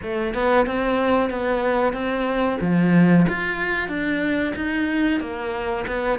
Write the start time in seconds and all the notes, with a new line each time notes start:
0.02 A3
0.33 B3
0.66 C4
1.30 B3
1.93 C4
2.60 F3
3.28 F4
3.88 D4
4.55 D#4
5.20 A#3
5.87 B3